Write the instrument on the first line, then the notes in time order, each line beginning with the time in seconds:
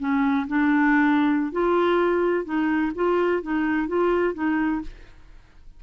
clarinet
0.00 C#4
0.48 D4
1.52 F4
2.45 D#4
2.95 F4
3.43 D#4
3.88 F4
4.34 D#4